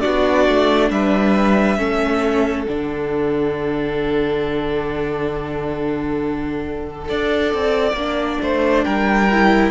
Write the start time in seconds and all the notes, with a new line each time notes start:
0.00 B3 D4 F#4 D5
0.48 A3
0.90 G3 B4 E5
1.77 A3 C#4 A4
2.64 D3 D4 F#5
7.04 D4 A4 D5
7.53 C4
7.92 A#3 D4
8.41 A3 C5
8.83 G3 A#4 G5
9.31 E4